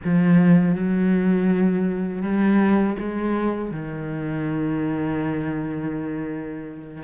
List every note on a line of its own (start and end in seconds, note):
0.04 0.74 F3
0.74 2.22 F#3
2.22 2.96 G3
2.99 3.71 G#3
3.71 7.03 D#3